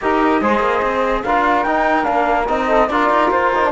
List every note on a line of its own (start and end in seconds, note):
0.01 0.41 D#4
0.01 0.42 G4
0.01 0.41 A#4
0.01 1.23 D#5
0.41 0.59 G#3
0.41 1.25 G#4
0.41 1.24 C5
0.59 0.80 A#3
0.82 1.23 C4
1.23 1.65 D4
1.23 1.66 F4
1.23 2.66 A#4
1.23 1.63 F5
1.63 2.07 D#4
1.63 2.03 D#4
1.63 2.04 G5
2.03 2.48 A#3
2.03 2.44 D4
2.03 2.46 F5
2.48 2.90 C4
2.48 2.89 D#4
2.48 2.88 D#5
2.66 2.87 A4
2.88 3.09 D4
2.88 3.53 F4
2.88 3.71 A#4
2.88 3.29 D5
3.09 3.30 D#4
3.30 3.71 F4
3.30 3.71 C5
3.54 3.63 D#4
3.63 3.71 D4